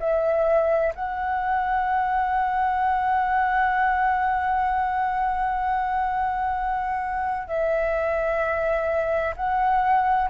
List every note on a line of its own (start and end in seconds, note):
0.00 0.94 E5
0.95 7.48 F#5
7.48 9.35 E5
9.37 10.30 F#5